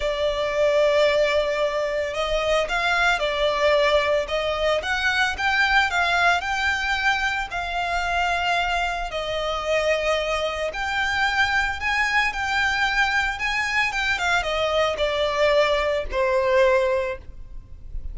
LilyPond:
\new Staff \with { instrumentName = "violin" } { \time 4/4 \tempo 4 = 112 d''1 | dis''4 f''4 d''2 | dis''4 fis''4 g''4 f''4 | g''2 f''2~ |
f''4 dis''2. | g''2 gis''4 g''4~ | g''4 gis''4 g''8 f''8 dis''4 | d''2 c''2 | }